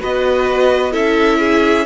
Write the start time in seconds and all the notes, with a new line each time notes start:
0.00 B3 F#4 B4 D#5
0.92 C#4 E4 A4 E5
1.39 G#4